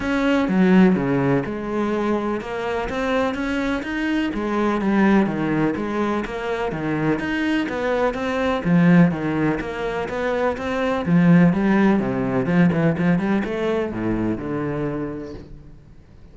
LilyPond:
\new Staff \with { instrumentName = "cello" } { \time 4/4 \tempo 4 = 125 cis'4 fis4 cis4 gis4~ | gis4 ais4 c'4 cis'4 | dis'4 gis4 g4 dis4 | gis4 ais4 dis4 dis'4 |
b4 c'4 f4 dis4 | ais4 b4 c'4 f4 | g4 c4 f8 e8 f8 g8 | a4 a,4 d2 | }